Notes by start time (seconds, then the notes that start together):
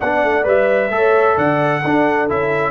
0.00 B3 D4 D5 F#5
0.24 A3
0.44 G3 B4 E5
0.90 A3 A4 C#5
1.36 D3 D5 F#5
1.82 D4 A4
2.29 C#4 E4 E5